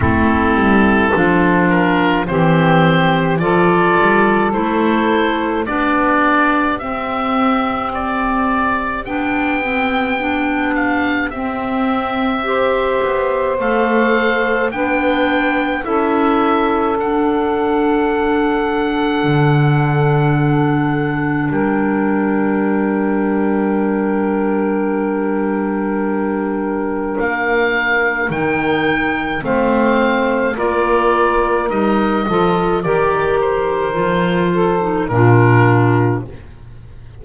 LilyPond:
<<
  \new Staff \with { instrumentName = "oboe" } { \time 4/4 \tempo 4 = 53 a'4. ais'8 c''4 d''4 | c''4 d''4 e''4 d''4 | g''4. f''8 e''2 | f''4 g''4 e''4 fis''4~ |
fis''2. g''4~ | g''1 | f''4 g''4 f''4 d''4 | dis''4 d''8 c''4. ais'4 | }
  \new Staff \with { instrumentName = "saxophone" } { \time 4/4 e'4 f'4 g'4 a'4~ | a'4 g'2.~ | g'2. c''4~ | c''4 b'4 a'2~ |
a'2. ais'4~ | ais'1~ | ais'2 c''4 ais'4~ | ais'8 a'8 ais'4. a'8 f'4 | }
  \new Staff \with { instrumentName = "clarinet" } { \time 4/4 c'4 d'4 c'4 f'4 | e'4 d'4 c'2 | d'8 c'8 d'4 c'4 g'4 | a'4 d'4 e'4 d'4~ |
d'1~ | d'1~ | d'4 dis'4 c'4 f'4 | dis'8 f'8 g'4 f'8. dis'16 d'4 | }
  \new Staff \with { instrumentName = "double bass" } { \time 4/4 a8 g8 f4 e4 f8 g8 | a4 b4 c'2 | b2 c'4. b8 | a4 b4 cis'4 d'4~ |
d'4 d2 g4~ | g1 | ais4 dis4 a4 ais4 | g8 f8 dis4 f4 ais,4 | }
>>